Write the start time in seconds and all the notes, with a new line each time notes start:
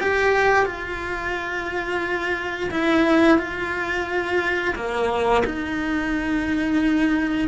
0.00 G4
0.65 F4
2.70 E4
3.38 F4
4.75 A#3
5.45 D#4